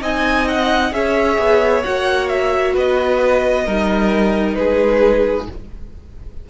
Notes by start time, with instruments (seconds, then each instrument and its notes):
0.00 cello C4, viola D#4, violin D#5 G#5
0.48 violin F#5
0.91 cello C#4, viola G#4, violin C#5 E5
1.38 cello B3
1.83 cello A#3, viola F#4, violin F#5
2.28 violin E5
2.73 cello B3, violin B4 D#5
3.66 cello G3, viola D#4, violin A#4
4.55 cello G#3, violin G#4 B4